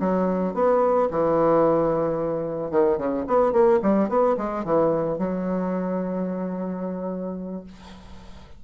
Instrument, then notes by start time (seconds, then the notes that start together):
bassoon
0.00 F#3
0.54 B3
1.11 E3
2.71 D#3
2.98 C#3
3.27 B3
3.52 A#3
3.82 G3
4.09 B3
4.37 G#3
4.64 E3
5.18 F#3